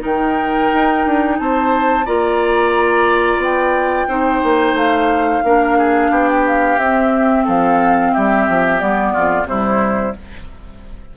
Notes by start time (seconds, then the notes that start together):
0.00 D#3 D#4 A#4 G5
0.73 D#4
1.05 D4
1.39 C4 C5 A5
2.05 A#3 F4 D5 A#5
3.37 B3 G5
4.08 C4 D#4 C5
4.43 A#3
4.74 A3 F5
5.44 A#3 D4 A#4
5.78 G#4
6.10 B3 G4
6.28 G5
6.47 F5
6.78 C4 E5
7.44 F3 A4 F5
8.13 G3 G4 E5
8.48 F3
8.79 G3 B3 D5
9.13 F2 F4
9.45 C3 G3 E4 C5